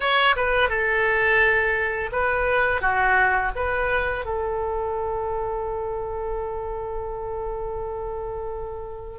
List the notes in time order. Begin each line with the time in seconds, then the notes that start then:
0.00 C#5
0.36 B4
0.69 A4
2.11 B4
2.81 F#4
3.55 B4
4.25 A4